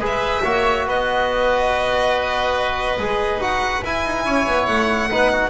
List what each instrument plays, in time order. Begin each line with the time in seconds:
0.00 double bass G#3, trombone G#4, oboe B4
0.07 violin E5
0.44 double bass A#3, trombone F#4, oboe C#5
0.86 double bass B3, oboe B4, violin D#5
2.99 double bass G#3, trombone G#4
3.37 double bass D#4, trombone F#4, violin F#5
3.84 trombone E4, double bass E4, violin G#5
4.05 double bass D#4
4.25 double bass C#4, oboe C#5
4.47 double bass B3
4.66 double bass A3, violin F#5
5.11 double bass B3, trombone D#4, oboe B4
5.32 oboe F#4